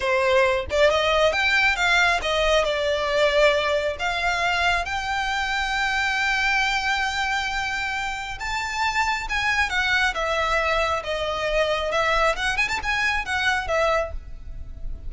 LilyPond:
\new Staff \with { instrumentName = "violin" } { \time 4/4 \tempo 4 = 136 c''4. d''8 dis''4 g''4 | f''4 dis''4 d''2~ | d''4 f''2 g''4~ | g''1~ |
g''2. a''4~ | a''4 gis''4 fis''4 e''4~ | e''4 dis''2 e''4 | fis''8 gis''16 a''16 gis''4 fis''4 e''4 | }